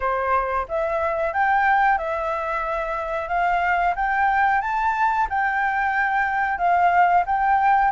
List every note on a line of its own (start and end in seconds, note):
0.00 0.66 C5
0.68 1.33 E5
1.33 1.98 G5
1.98 3.28 E5
3.28 3.94 F5
3.95 4.61 G5
4.61 5.27 A5
5.29 6.58 G5
6.58 7.23 F5
7.26 7.91 G5